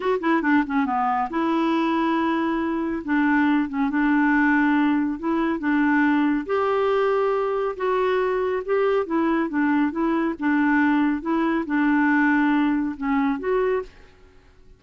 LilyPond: \new Staff \with { instrumentName = "clarinet" } { \time 4/4 \tempo 4 = 139 fis'8 e'8 d'8 cis'8 b4 e'4~ | e'2. d'4~ | d'8 cis'8 d'2. | e'4 d'2 g'4~ |
g'2 fis'2 | g'4 e'4 d'4 e'4 | d'2 e'4 d'4~ | d'2 cis'4 fis'4 | }